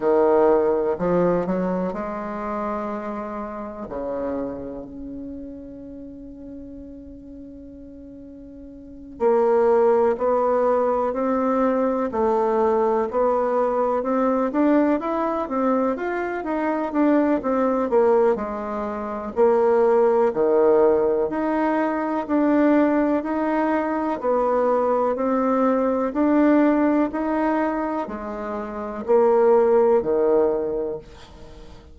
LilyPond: \new Staff \with { instrumentName = "bassoon" } { \time 4/4 \tempo 4 = 62 dis4 f8 fis8 gis2 | cis4 cis'2.~ | cis'4. ais4 b4 c'8~ | c'8 a4 b4 c'8 d'8 e'8 |
c'8 f'8 dis'8 d'8 c'8 ais8 gis4 | ais4 dis4 dis'4 d'4 | dis'4 b4 c'4 d'4 | dis'4 gis4 ais4 dis4 | }